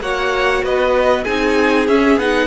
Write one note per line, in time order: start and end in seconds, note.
0.00 0.62 A#3
0.00 1.25 F#4
0.00 0.64 C#5
0.00 0.64 F#5
0.63 1.25 B3
0.63 1.24 B4
0.63 1.24 D#5
1.24 1.88 C4
1.24 1.87 D#4
1.24 2.46 G#4
1.24 1.86 G#5
1.87 2.18 C#4
1.87 2.16 C#4
1.87 2.19 E5
2.16 2.46 B3
2.16 2.46 D#4
2.16 2.46 F#5